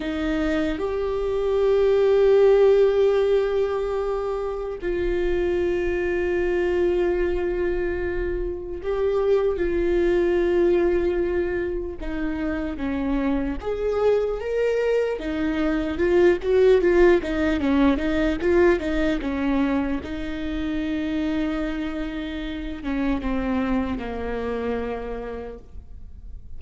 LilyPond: \new Staff \with { instrumentName = "viola" } { \time 4/4 \tempo 4 = 75 dis'4 g'2.~ | g'2 f'2~ | f'2. g'4 | f'2. dis'4 |
cis'4 gis'4 ais'4 dis'4 | f'8 fis'8 f'8 dis'8 cis'8 dis'8 f'8 dis'8 | cis'4 dis'2.~ | dis'8 cis'8 c'4 ais2 | }